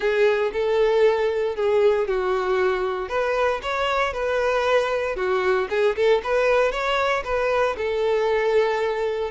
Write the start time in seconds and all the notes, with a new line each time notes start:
0.00 G#4
0.52 A4
1.55 G#4
2.07 F#4
3.08 B4
3.62 C#5
4.13 B4
5.16 F#4
5.69 G#4
5.96 A4
6.23 B4
6.71 C#5
7.24 B4
7.77 A4